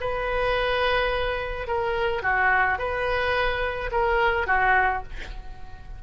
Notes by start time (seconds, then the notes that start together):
0.00 B4
1.67 A#4
2.22 F#4
2.78 B4
3.91 A#4
4.46 F#4